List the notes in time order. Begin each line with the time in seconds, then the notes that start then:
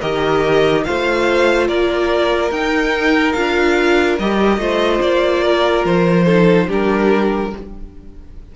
0.00 D#3 G4 A#4 D#5
0.84 A3 F4 C5 F5
1.67 A#3 A#4 D5
2.51 D#4 G5
3.32 D4 F4 F5
4.19 G3 G4 D#5
4.57 A3 F4 C5
5.01 A#3 D5
5.44 A#4
5.84 F3 C5
6.25 D#4 A4
6.67 G3 D4 G4 A#4